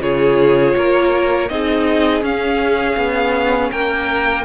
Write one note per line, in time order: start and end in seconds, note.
0.00 0.74 C#3
0.00 1.49 F4
0.00 0.76 G#4
0.00 1.49 C#5
0.76 1.50 A#3
0.76 1.52 A#4
1.49 2.22 C4
1.49 2.22 D#4
1.49 3.72 G#4
1.49 2.23 D#5
2.22 4.44 C#4
2.22 2.96 C#4
2.22 3.71 F5
2.97 3.71 B3
3.71 4.45 A#3
3.71 4.45 A#4
3.71 4.45 G5